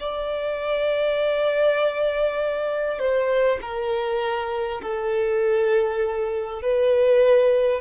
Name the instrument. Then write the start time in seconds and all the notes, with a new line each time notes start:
violin
0.00 D5
2.99 C5
3.62 A#4
4.82 A4
6.62 B4